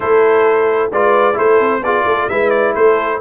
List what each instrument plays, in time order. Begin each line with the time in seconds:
0.00 tuba A3, trombone E4, horn A4, trumpet C5
0.91 tuba G#3, trombone F4, horn B4, trumpet D5
1.33 tuba A3, trombone E4, horn A4, trumpet C5
1.60 tuba C4
1.81 tuba B3, trombone F4, horn G#4, trumpet D5
2.05 tuba A3, horn A4
2.29 tuba G#3, trombone E4, horn B4, trumpet E5
2.50 trumpet D5
2.75 tuba A3, horn A4, trumpet C5